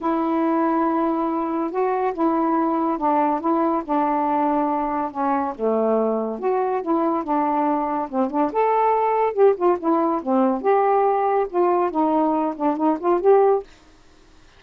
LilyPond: \new Staff \with { instrumentName = "saxophone" } { \time 4/4 \tempo 4 = 141 e'1 | fis'4 e'2 d'4 | e'4 d'2. | cis'4 a2 fis'4 |
e'4 d'2 c'8 d'8 | a'2 g'8 f'8 e'4 | c'4 g'2 f'4 | dis'4. d'8 dis'8 f'8 g'4 | }